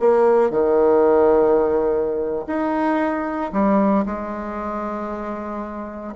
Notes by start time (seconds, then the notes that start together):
0.00 A#3
0.50 D#3
2.47 D#4
3.53 G3
4.06 G#3